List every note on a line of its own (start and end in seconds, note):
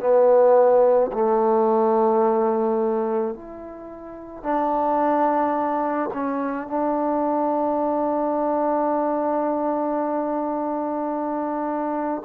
0.00 1.11 B3
1.13 3.35 A3
3.35 4.43 E4
4.43 6.10 D4
6.14 6.68 C#4
6.68 12.23 D4